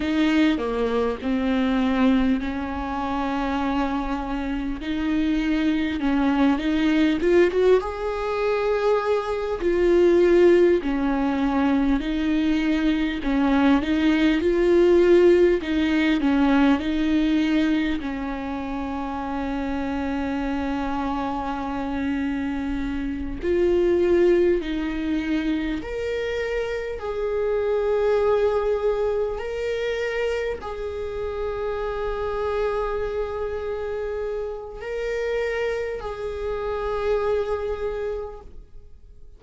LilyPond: \new Staff \with { instrumentName = "viola" } { \time 4/4 \tempo 4 = 50 dis'8 ais8 c'4 cis'2 | dis'4 cis'8 dis'8 f'16 fis'16 gis'4. | f'4 cis'4 dis'4 cis'8 dis'8 | f'4 dis'8 cis'8 dis'4 cis'4~ |
cis'2.~ cis'8 f'8~ | f'8 dis'4 ais'4 gis'4.~ | gis'8 ais'4 gis'2~ gis'8~ | gis'4 ais'4 gis'2 | }